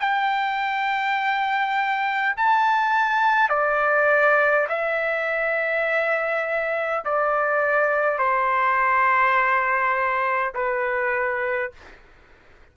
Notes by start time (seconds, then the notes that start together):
0.00 G5
2.37 A5
3.49 D5
4.69 E5
7.04 D5
8.18 C5
10.54 B4